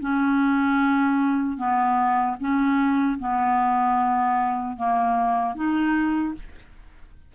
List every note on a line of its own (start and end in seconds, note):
0.00 1.58 C#4
1.58 2.36 B3
2.40 3.19 C#4
3.19 4.77 B3
4.77 5.55 A#3
5.55 6.34 D#4